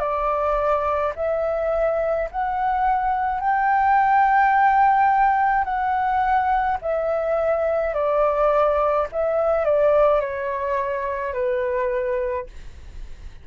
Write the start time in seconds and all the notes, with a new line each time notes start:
0.00 D5
1.16 E5
2.32 F#5
3.41 G5
5.65 F#5
6.82 E5
7.95 D5
9.12 E5
9.65 D5
10.21 C#5
11.34 B4